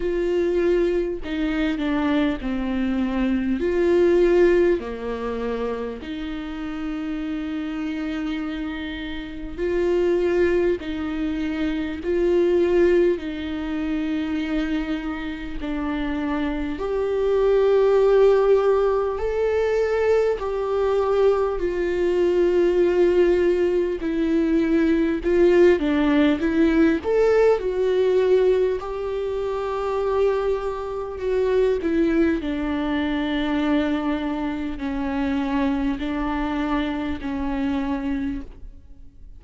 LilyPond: \new Staff \with { instrumentName = "viola" } { \time 4/4 \tempo 4 = 50 f'4 dis'8 d'8 c'4 f'4 | ais4 dis'2. | f'4 dis'4 f'4 dis'4~ | dis'4 d'4 g'2 |
a'4 g'4 f'2 | e'4 f'8 d'8 e'8 a'8 fis'4 | g'2 fis'8 e'8 d'4~ | d'4 cis'4 d'4 cis'4 | }